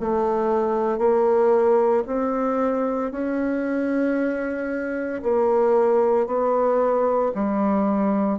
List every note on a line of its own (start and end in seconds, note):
0.00 0.98 A3
0.98 2.03 A#3
2.06 3.11 C4
3.11 5.22 C#4
5.22 6.26 A#3
6.26 7.32 B3
7.34 8.39 G3